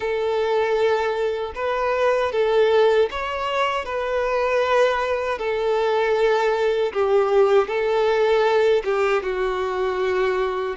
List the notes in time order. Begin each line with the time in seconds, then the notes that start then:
0.00 A4
1.55 B4
2.32 A4
3.10 C#5
3.85 B4
5.38 A4
6.92 G4
7.67 A4
8.84 G4
9.22 F#4